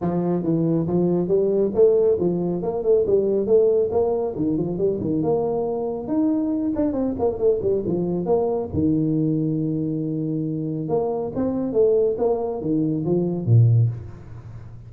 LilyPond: \new Staff \with { instrumentName = "tuba" } { \time 4/4 \tempo 4 = 138 f4 e4 f4 g4 | a4 f4 ais8 a8 g4 | a4 ais4 dis8 f8 g8 dis8 | ais2 dis'4. d'8 |
c'8 ais8 a8 g8 f4 ais4 | dis1~ | dis4 ais4 c'4 a4 | ais4 dis4 f4 ais,4 | }